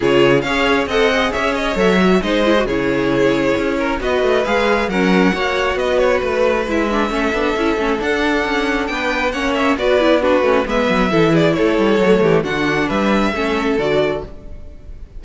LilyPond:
<<
  \new Staff \with { instrumentName = "violin" } { \time 4/4 \tempo 4 = 135 cis''4 f''4 fis''4 e''8 dis''8 | e''4 dis''4 cis''2~ | cis''4 dis''4 f''4 fis''4~ | fis''4 dis''8 cis''8 b'4 e''4~ |
e''2 fis''2 | g''4 fis''8 e''8 d''4 b'4 | e''4. d''8 cis''2 | fis''4 e''2 d''4 | }
  \new Staff \with { instrumentName = "violin" } { \time 4/4 gis'4 cis''4 dis''4 cis''4~ | cis''4 c''4 gis'2~ | gis'8 ais'8 b'2 ais'4 | cis''4 b'2. |
a'1 | b'4 cis''4 b'4 fis'4 | b'4 a'8 gis'8 a'4. g'8 | fis'4 b'4 a'2 | }
  \new Staff \with { instrumentName = "viola" } { \time 4/4 f'4 gis'4 a'8 gis'4. | a'8 fis'8 dis'8 e'16 fis'16 e'2~ | e'4 fis'4 gis'4 cis'4 | fis'2. e'8 d'8 |
cis'8 d'8 e'8 cis'8 d'2~ | d'4 cis'4 fis'8 e'8 d'8 cis'8 | b4 e'2 a4 | d'2 cis'4 fis'4 | }
  \new Staff \with { instrumentName = "cello" } { \time 4/4 cis4 cis'4 c'4 cis'4 | fis4 gis4 cis2 | cis'4 b8 a8 gis4 fis4 | ais4 b4 a4 gis4 |
a8 b8 cis'8 a8 d'4 cis'4 | b4 ais4 b4. a8 | gis8 fis8 e4 a8 g8 fis8 e8 | d4 g4 a4 d4 | }
>>